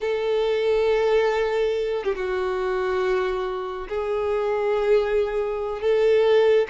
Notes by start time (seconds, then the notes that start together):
0.00 A4
2.04 G4
2.15 F#4
3.88 G#4
5.81 A4